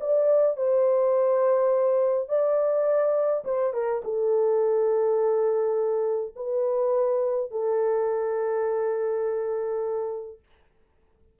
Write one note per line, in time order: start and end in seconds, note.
0.00 0.56 D5
0.56 2.29 C5
2.29 3.44 D5
3.45 3.73 C5
3.73 4.02 A#4
4.04 6.35 A4
6.36 7.51 B4
7.51 10.40 A4